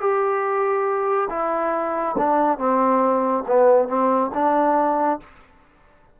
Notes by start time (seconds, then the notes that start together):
0.00 G4
1.30 E4
2.18 D4
2.58 C4
3.47 B3
3.88 C4
4.34 D4